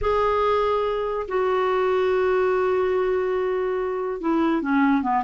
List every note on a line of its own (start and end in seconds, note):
0.01 1.27 G#4
1.27 4.21 F#4
4.21 4.62 E4
4.62 5.02 C#4
5.02 5.23 B3